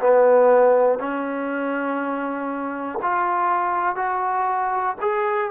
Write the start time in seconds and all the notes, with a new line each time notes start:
0.00 B3
0.99 C#4
3.02 F4
3.95 F#4
5.00 G#4